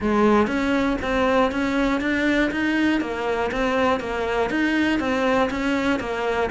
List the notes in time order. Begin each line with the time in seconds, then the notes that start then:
0.00 G#3
0.47 C#4
1.01 C4
1.51 C#4
2.00 D4
2.51 D#4
3.00 A#3
3.51 C4
4.00 A#3
4.50 D#4
4.99 C4
5.50 C#4
5.99 A#3